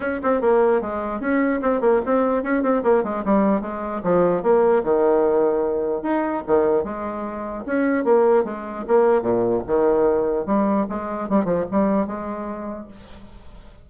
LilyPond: \new Staff \with { instrumentName = "bassoon" } { \time 4/4 \tempo 4 = 149 cis'8 c'8 ais4 gis4 cis'4 | c'8 ais8 c'4 cis'8 c'8 ais8 gis8 | g4 gis4 f4 ais4 | dis2. dis'4 |
dis4 gis2 cis'4 | ais4 gis4 ais4 ais,4 | dis2 g4 gis4 | g8 f8 g4 gis2 | }